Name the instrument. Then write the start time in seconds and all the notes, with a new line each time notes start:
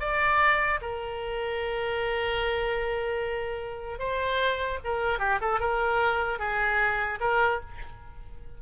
oboe
0.00 D5
0.81 A#4
3.99 C5
4.84 A#4
5.19 G4
5.41 A4
5.60 A#4
6.39 G#4
7.20 A#4